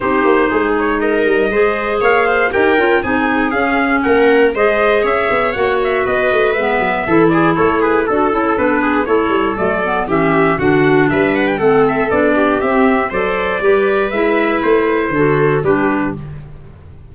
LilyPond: <<
  \new Staff \with { instrumentName = "trumpet" } { \time 4/4 \tempo 4 = 119 c''4. cis''8 dis''2 | f''4 g''4 gis''4 f''4 | fis''4 dis''4 e''4 fis''8 e''8 | dis''4 e''4. d''8 cis''8 b'8 |
a'4 b'4 cis''4 d''4 | e''4 fis''4 e''8 fis''16 g''16 fis''8 e''8 | d''4 e''4 d''2 | e''4 c''2 b'4 | }
  \new Staff \with { instrumentName = "viola" } { \time 4/4 g'4 gis'4 ais'4 c''4 | cis''8 c''8 ais'4 gis'2 | ais'4 c''4 cis''2 | b'2 a'8 gis'8 a'8 gis'8 |
a'4. gis'8 a'2 | g'4 fis'4 b'4 a'4~ | a'8 g'4. c''4 b'4~ | b'2 a'4 g'4 | }
  \new Staff \with { instrumentName = "clarinet" } { \time 4/4 dis'2. gis'4~ | gis'4 g'8 f'8 dis'4 cis'4~ | cis'4 gis'2 fis'4~ | fis'4 b4 e'2 |
fis'8 e'8 d'4 e'4 a8 b8 | cis'4 d'2 c'4 | d'4 c'4 a'4 g'4 | e'2 fis'4 d'4 | }
  \new Staff \with { instrumentName = "tuba" } { \time 4/4 c'8 ais8 gis4. g8 gis4 | ais4 dis'8 cis'8 c'4 cis'4 | ais4 gis4 cis'8 b8 ais4 | b8 a8 gis8 fis8 e4 a4 |
d'8 cis'8 b4 a8 g8 fis4 | e4 d4 g4 a4 | b4 c'4 fis4 g4 | gis4 a4 d4 g4 | }
>>